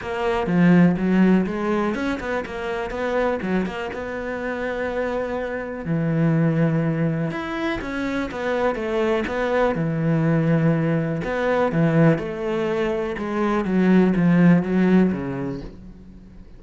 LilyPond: \new Staff \with { instrumentName = "cello" } { \time 4/4 \tempo 4 = 123 ais4 f4 fis4 gis4 | cis'8 b8 ais4 b4 fis8 ais8 | b1 | e2. e'4 |
cis'4 b4 a4 b4 | e2. b4 | e4 a2 gis4 | fis4 f4 fis4 cis4 | }